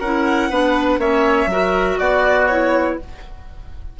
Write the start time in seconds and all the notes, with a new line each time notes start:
0.00 C#4 E4 A#4 F#5
0.50 B3 D4 B4
0.98 A#3 C#4 C#5 E5
1.46 F#3 F#4 A#4
1.99 B3 F#4 D5
2.47 E4 C#5